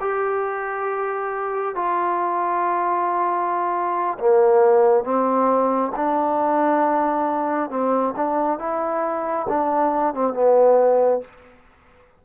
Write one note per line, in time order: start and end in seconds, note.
0.00 1.75 G4
1.75 4.18 F4
4.19 5.04 A#3
5.04 5.92 C4
5.96 7.70 D4
7.70 8.14 C4
8.16 8.59 D4
8.59 9.47 E4
9.49 10.14 D4
10.14 10.33 C4
10.33 11.21 B3